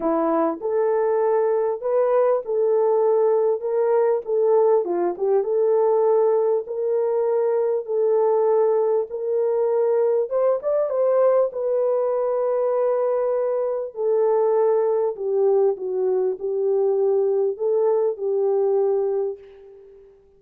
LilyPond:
\new Staff \with { instrumentName = "horn" } { \time 4/4 \tempo 4 = 99 e'4 a'2 b'4 | a'2 ais'4 a'4 | f'8 g'8 a'2 ais'4~ | ais'4 a'2 ais'4~ |
ais'4 c''8 d''8 c''4 b'4~ | b'2. a'4~ | a'4 g'4 fis'4 g'4~ | g'4 a'4 g'2 | }